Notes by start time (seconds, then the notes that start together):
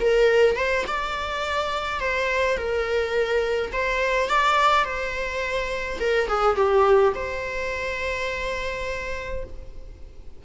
0.00 A#4
0.56 C5
0.87 D5
2.00 C5
2.57 A#4
3.72 C5
4.29 D5
4.84 C5
5.99 A#4
6.28 G#4
6.56 G4
7.15 C5